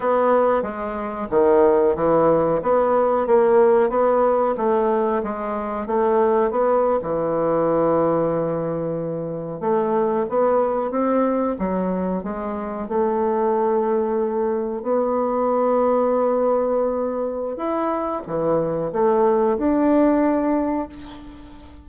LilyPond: \new Staff \with { instrumentName = "bassoon" } { \time 4/4 \tempo 4 = 92 b4 gis4 dis4 e4 | b4 ais4 b4 a4 | gis4 a4 b8. e4~ e16~ | e2~ e8. a4 b16~ |
b8. c'4 fis4 gis4 a16~ | a2~ a8. b4~ b16~ | b2. e'4 | e4 a4 d'2 | }